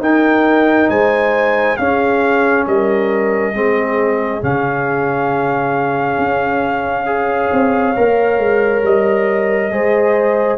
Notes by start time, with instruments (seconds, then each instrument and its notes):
0.00 tuba D#4, trombone D#4, horn A#4, trumpet G5
0.89 tuba G#3, horn C5, trumpet G#5
1.77 trombone C#4, tuba C#4, horn G#4, trumpet F5
2.66 tuba G3, horn A#4, trumpet D#5
3.54 tuba G#3, trombone C4, horn G#4
4.41 tuba C#3, trombone C#4, trumpet F5
6.18 tuba C#4
7.06 trombone G#4, horn C#5
7.52 tuba C4
7.96 tuba A#3, trombone A#4
8.38 tuba G#3
8.83 tuba G3, trumpet D#5
9.71 tuba G#3, trombone G#4, horn C5